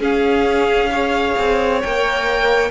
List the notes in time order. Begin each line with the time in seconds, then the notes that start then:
0.00 C#4 G#4 F5
0.91 G#4 C#5
1.38 C4
1.81 A#3 A#4 G5